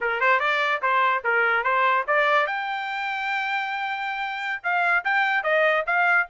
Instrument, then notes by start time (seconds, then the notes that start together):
trumpet
0.01 A#4
0.20 C5
0.39 D5
0.81 C5
1.23 A#4
1.63 C5
2.07 D5
2.46 G5
4.63 F5
5.04 G5
5.43 D#5
5.86 F5